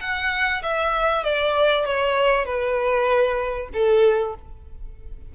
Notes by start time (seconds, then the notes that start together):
0.00 F#5
0.63 E5
1.23 D5
1.85 C#5
2.45 B4
3.73 A4